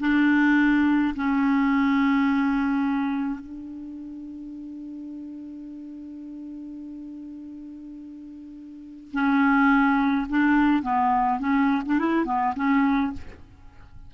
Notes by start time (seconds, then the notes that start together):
0.00 D4
1.16 C#4
3.40 D4
9.13 C#4
10.29 D4
10.83 B3
11.40 C#4
11.86 D4
11.99 E4
12.25 B3
12.56 C#4